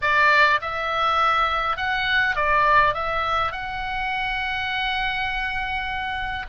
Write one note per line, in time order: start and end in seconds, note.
0.01 0.60 D5
0.61 1.76 E5
1.76 2.35 F#5
2.35 2.94 D5
2.94 3.51 E5
3.51 6.45 F#5